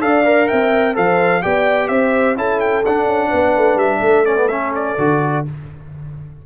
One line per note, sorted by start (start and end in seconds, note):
0.00 0.49 D4
0.00 0.24 A4
0.00 0.48 D5
0.00 0.47 F5
0.25 0.94 A#4
0.47 0.97 C4
0.47 0.95 E5
0.47 0.94 G5
0.94 1.44 F3
0.94 1.41 A4
0.94 1.43 C5
0.94 1.42 F5
1.41 1.89 B3
1.41 2.36 G4
1.41 1.90 D5
1.41 1.88 G5
1.88 2.36 C4
1.88 2.37 C5
1.88 2.35 E5
2.36 2.84 C#4
2.36 2.83 E4
2.36 3.28 A4
2.36 2.60 A5
2.60 2.84 G5
2.85 3.05 D4
2.85 4.26 D4
2.85 3.78 F#5
3.05 3.29 C#4
3.28 3.56 B3
3.28 3.99 B4
3.56 3.75 A3
3.75 3.99 G3
3.75 4.25 E5
4.00 4.95 A3
4.00 5.45 A4
4.25 4.36 C#4
4.25 4.48 D5
4.36 4.48 B3
4.48 4.97 C#4
4.48 4.71 E5
4.75 5.46 D5
4.98 5.45 D3
4.98 5.45 F#4